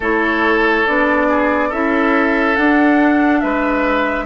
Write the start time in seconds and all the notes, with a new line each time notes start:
0.00 A3 E4 A4 C#5
0.86 B3 D4 D5
1.28 G#4
1.68 C#4 E4 A4 E5
2.55 D4 F#5
3.40 G#3 B4 E5